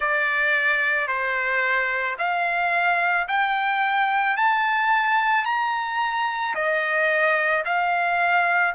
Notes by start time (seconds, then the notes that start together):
0.00 D5
1.07 C5
2.18 F5
3.27 G5
4.36 A5
5.45 A#5
6.55 D#5
7.65 F5